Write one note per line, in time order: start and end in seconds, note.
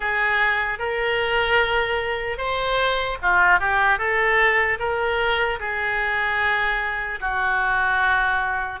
0.00 0.78 G#4
0.78 2.37 A#4
2.37 3.17 C5
3.22 3.59 F4
3.59 3.98 G4
3.98 4.78 A4
4.79 5.59 A#4
5.59 7.19 G#4
7.20 8.80 F#4